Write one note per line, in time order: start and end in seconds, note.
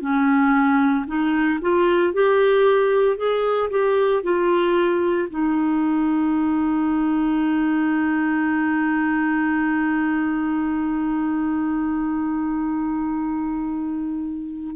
0.00 1.05 C#4
1.07 1.59 D#4
1.61 2.13 F4
2.13 3.17 G4
3.17 3.70 G#4
3.70 4.23 G4
4.23 5.28 F4
5.30 14.76 D#4